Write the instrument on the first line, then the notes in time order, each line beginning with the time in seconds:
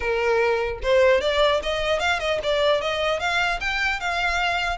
violin
0.00 A#4
0.82 C5
1.21 D5
1.63 D#5
1.99 F5
2.19 D#5
2.43 D5
2.81 D#5
3.19 F5
3.60 G5
3.99 F5